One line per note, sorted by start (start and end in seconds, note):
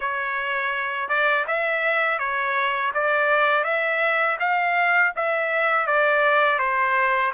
0.00 1.08 C#5
1.08 1.45 D5
1.47 2.19 E5
2.19 2.92 C#5
2.94 3.64 D5
3.64 4.37 E5
4.39 5.12 F5
5.16 5.87 E5
5.87 6.59 D5
6.59 7.32 C5